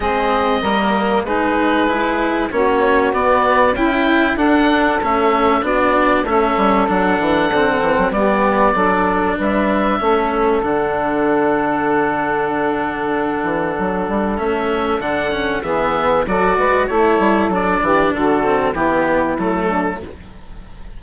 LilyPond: <<
  \new Staff \with { instrumentName = "oboe" } { \time 4/4 \tempo 4 = 96 dis''2 b'2 | cis''4 d''4 g''4 fis''4 | e''4 d''4 e''4 fis''4~ | fis''4 d''2 e''4~ |
e''4 fis''2.~ | fis''2. e''4 | fis''4 e''4 d''4 cis''4 | d''4 a'4 g'4 a'4 | }
  \new Staff \with { instrumentName = "saxophone" } { \time 4/4 gis'4 ais'4 gis'2 | fis'2 e'4 a'4~ | a'4 fis'4 a'2~ | a'4 g'4 a'4 b'4 |
a'1~ | a'1~ | a'4 gis'4 a'8 b'8 a'4~ | a'8 g'8 fis'4 e'4. d'8 | }
  \new Staff \with { instrumentName = "cello" } { \time 4/4 c'4 ais4 dis'4 e'4 | cis'4 b4 e'4 d'4 | cis'4 d'4 cis'4 d'4 | c'4 b4 d'2 |
cis'4 d'2.~ | d'2. cis'4 | d'8 cis'8 b4 fis'4 e'4 | d'4. c'8 b4 a4 | }
  \new Staff \with { instrumentName = "bassoon" } { \time 4/4 gis4 g4 gis2 | ais4 b4 cis'4 d'4 | a4 b4 a8 g8 fis8 e8 | d8 e16 fis16 g4 fis4 g4 |
a4 d2.~ | d4. e8 fis8 g8 a4 | d4 e4 fis8 gis8 a8 g8 | fis8 e8 d4 e4 fis4 | }
>>